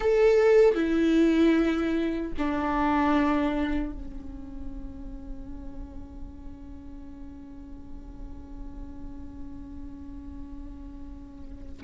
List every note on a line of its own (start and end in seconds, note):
0.00 0.74 A4
0.74 2.32 E4
2.38 3.93 D4
3.93 11.82 C#4